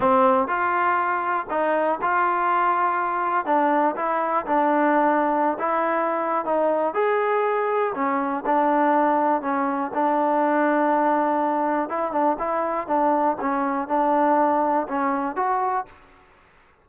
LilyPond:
\new Staff \with { instrumentName = "trombone" } { \time 4/4 \tempo 4 = 121 c'4 f'2 dis'4 | f'2. d'4 | e'4 d'2~ d'16 e'8.~ | e'4 dis'4 gis'2 |
cis'4 d'2 cis'4 | d'1 | e'8 d'8 e'4 d'4 cis'4 | d'2 cis'4 fis'4 | }